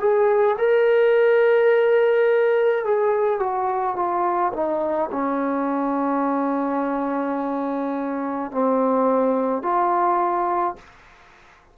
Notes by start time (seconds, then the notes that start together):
0.00 G#4
0.58 A#4
2.85 G#4
3.40 F#4
3.96 F4
4.53 D#4
5.11 C#4
8.51 C4
9.63 F4